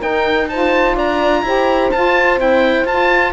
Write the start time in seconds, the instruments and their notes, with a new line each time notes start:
0.00 saxophone D#4, cello D#4, horn A#4, oboe G5
0.48 saxophone F4, horn C5, oboe A5
0.95 cello D4, horn D5, oboe A#5
1.42 cello E4, saxophone G4, horn C5
1.91 saxophone F4, cello F4, oboe A5
2.37 saxophone C4, cello E4, oboe G5
2.85 cello F4, saxophone F4, oboe A5